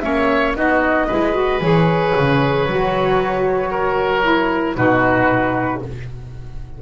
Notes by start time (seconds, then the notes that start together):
0.00 A#3 C#4 C#5 E5
0.55 B3 D#4 F#4 D#5
1.06 G#3 E4 B4
1.34 F#4
1.61 E3 G#4 C#5
2.16 C#3
2.66 F#3 F#4
3.71 A#4
4.23 E4
4.75 B2 D#4 F#4 B4